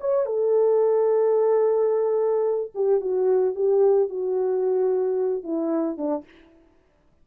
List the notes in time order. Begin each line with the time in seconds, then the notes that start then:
0.00 C#5
0.26 A4
2.74 G4
3.00 F#4
3.55 G4
4.09 F#4
5.43 E4
5.97 D4